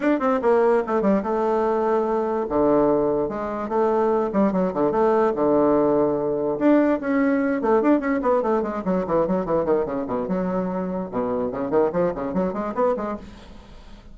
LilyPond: \new Staff \with { instrumentName = "bassoon" } { \time 4/4 \tempo 4 = 146 d'8 c'8 ais4 a8 g8 a4~ | a2 d2 | gis4 a4. g8 fis8 d8 | a4 d2. |
d'4 cis'4. a8 d'8 cis'8 | b8 a8 gis8 fis8 e8 fis8 e8 dis8 | cis8 b,8 fis2 b,4 | cis8 dis8 f8 cis8 fis8 gis8 b8 gis8 | }